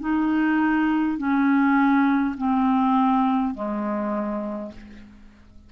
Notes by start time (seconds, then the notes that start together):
0.00 D#4
1.18 C#4
2.37 C4
3.55 G#3